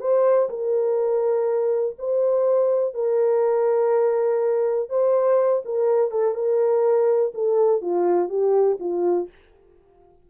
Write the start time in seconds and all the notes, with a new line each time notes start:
0.00 C5
0.49 A#4
1.99 C5
2.94 A#4
4.89 C5
5.65 A#4
6.11 A4
6.34 A#4
7.34 A4
7.81 F4
8.29 G4
8.79 F4